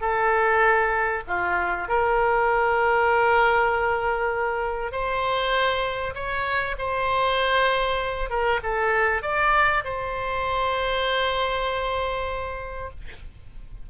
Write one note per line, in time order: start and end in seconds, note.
0.00 1.22 A4
1.27 1.88 F4
1.88 4.91 A#4
4.91 6.14 C5
6.14 6.75 C#5
6.78 8.29 C5
8.29 8.60 A#4
8.62 9.22 A4
9.22 9.83 D5
9.84 12.90 C5